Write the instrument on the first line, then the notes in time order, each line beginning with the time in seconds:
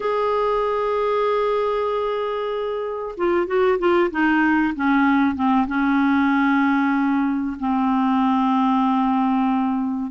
clarinet
0.00 G#4
3.17 F4
3.47 F#4
3.79 F4
4.10 D#4
4.75 C#4
5.35 C4
5.67 C#4
7.59 C4